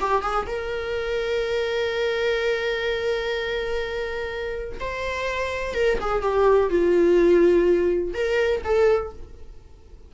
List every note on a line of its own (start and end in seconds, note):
0.00 0.22 G4
0.22 0.46 G#4
0.47 4.79 A#4
4.80 5.74 C5
5.74 5.98 A#4
6.01 6.22 G#4
6.22 6.70 G4
6.70 8.14 F4
8.14 8.62 A#4
8.64 9.12 A4